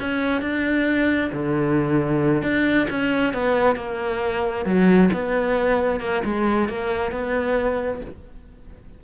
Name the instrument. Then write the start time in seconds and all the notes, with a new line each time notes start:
cello
0.00 C#4
0.42 D4
1.33 D3
2.43 D4
2.90 C#4
3.34 B3
3.76 A#3
4.65 F#3
5.13 B3
6.00 A#3
6.25 G#3
6.69 A#3
7.12 B3